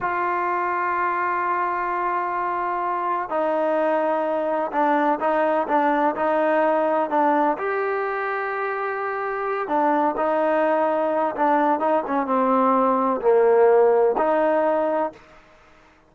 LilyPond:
\new Staff \with { instrumentName = "trombone" } { \time 4/4 \tempo 4 = 127 f'1~ | f'2. dis'4~ | dis'2 d'4 dis'4 | d'4 dis'2 d'4 |
g'1~ | g'8 d'4 dis'2~ dis'8 | d'4 dis'8 cis'8 c'2 | ais2 dis'2 | }